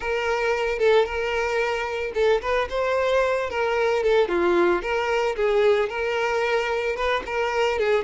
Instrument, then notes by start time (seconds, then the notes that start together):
violin
0.00 A#4
0.78 A4
1.05 A#4
2.14 A4
2.41 B4
2.69 C5
3.50 A#4
4.03 A4
4.28 F4
4.81 A#4
5.36 G#4
5.89 A#4
6.95 B4
7.26 A#4
7.78 G#4